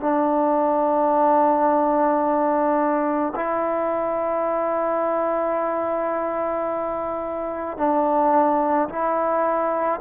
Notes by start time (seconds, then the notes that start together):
0.00 D4
3.35 E4
7.77 D4
8.89 E4